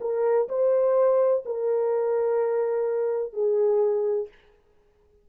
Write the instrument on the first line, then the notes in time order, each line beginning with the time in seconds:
horn
0.00 A#4
0.48 C5
1.45 A#4
3.32 G#4